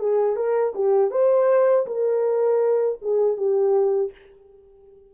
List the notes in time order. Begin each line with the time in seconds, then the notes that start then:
0.00 G#4
0.36 A#4
0.75 G4
1.11 C5
1.87 A#4
3.02 G#4
3.37 G4